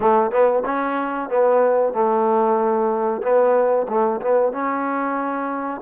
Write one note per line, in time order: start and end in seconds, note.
0.00 0.31 A3
0.31 0.63 B3
0.65 1.29 C#4
1.29 1.93 B3
1.93 3.22 A3
3.22 3.87 B3
3.88 4.20 A3
4.21 4.52 B3
4.52 5.81 C#4